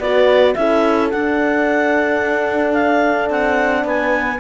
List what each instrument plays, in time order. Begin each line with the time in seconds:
0.00 cello B3, horn F#4 B4, clarinet D5
0.55 cello C#4, horn E4 A4, clarinet E5
1.11 horn D4, cello D4, clarinet F#5
2.74 clarinet F5
3.30 cello C4, clarinet F#5
3.85 cello B3, horn B4, clarinet G#5